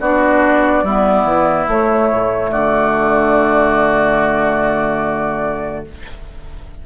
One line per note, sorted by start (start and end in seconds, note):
0.00 0.83 B3
0.00 0.86 D4
0.00 0.84 F#4
0.00 1.67 D5
0.84 1.24 G3
0.84 1.69 B3
0.84 2.51 E4
1.24 1.66 E3
1.68 2.10 A3
1.68 5.85 A3
1.68 2.51 C#5
2.11 2.53 A2
2.51 5.86 D3
2.51 5.85 F#4
2.51 5.85 D5